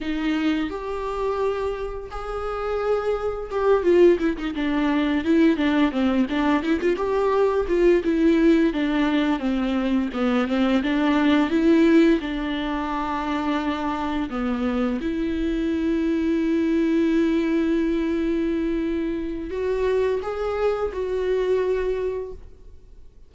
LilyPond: \new Staff \with { instrumentName = "viola" } { \time 4/4 \tempo 4 = 86 dis'4 g'2 gis'4~ | gis'4 g'8 f'8 e'16 dis'16 d'4 e'8 | d'8 c'8 d'8 e'16 f'16 g'4 f'8 e'8~ | e'8 d'4 c'4 b8 c'8 d'8~ |
d'8 e'4 d'2~ d'8~ | d'8 b4 e'2~ e'8~ | e'1 | fis'4 gis'4 fis'2 | }